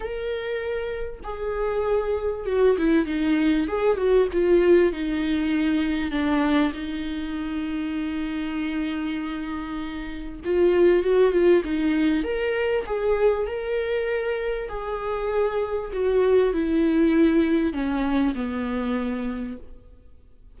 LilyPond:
\new Staff \with { instrumentName = "viola" } { \time 4/4 \tempo 4 = 98 ais'2 gis'2 | fis'8 e'8 dis'4 gis'8 fis'8 f'4 | dis'2 d'4 dis'4~ | dis'1~ |
dis'4 f'4 fis'8 f'8 dis'4 | ais'4 gis'4 ais'2 | gis'2 fis'4 e'4~ | e'4 cis'4 b2 | }